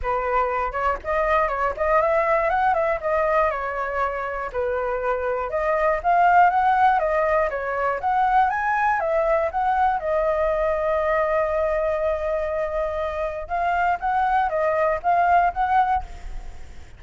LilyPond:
\new Staff \with { instrumentName = "flute" } { \time 4/4 \tempo 4 = 120 b'4. cis''8 dis''4 cis''8 dis''8 | e''4 fis''8 e''8 dis''4 cis''4~ | cis''4 b'2 dis''4 | f''4 fis''4 dis''4 cis''4 |
fis''4 gis''4 e''4 fis''4 | dis''1~ | dis''2. f''4 | fis''4 dis''4 f''4 fis''4 | }